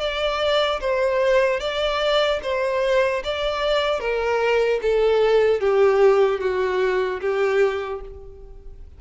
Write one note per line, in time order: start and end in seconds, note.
0.00 0.80 D5
0.80 1.60 C5
1.60 2.40 D5
2.43 3.23 C5
3.24 4.00 D5
4.00 4.80 A#4
4.82 5.60 A4
5.60 6.40 G4
6.40 7.20 F#4
7.21 8.01 G4